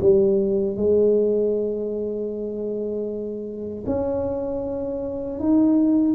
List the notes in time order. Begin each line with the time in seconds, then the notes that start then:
0.00 G3
0.76 G#3
3.86 C#4
5.39 D#4